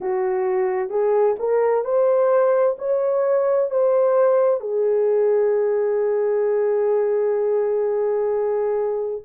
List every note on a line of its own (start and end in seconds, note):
0.00 0.89 F#4
0.89 1.36 G#4
1.39 1.84 A#4
1.84 2.76 C5
2.78 3.70 C#5
3.70 4.60 C5
4.60 9.22 G#4